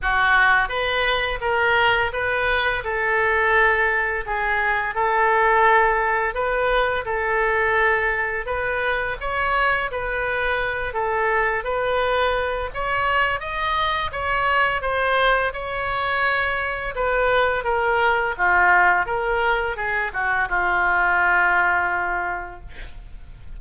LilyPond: \new Staff \with { instrumentName = "oboe" } { \time 4/4 \tempo 4 = 85 fis'4 b'4 ais'4 b'4 | a'2 gis'4 a'4~ | a'4 b'4 a'2 | b'4 cis''4 b'4. a'8~ |
a'8 b'4. cis''4 dis''4 | cis''4 c''4 cis''2 | b'4 ais'4 f'4 ais'4 | gis'8 fis'8 f'2. | }